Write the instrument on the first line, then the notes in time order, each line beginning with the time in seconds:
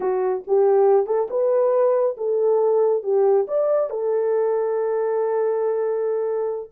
horn
0.00 F#4
0.47 G4
1.06 A4
1.29 B4
2.17 A4
3.03 G4
3.47 D5
3.89 A4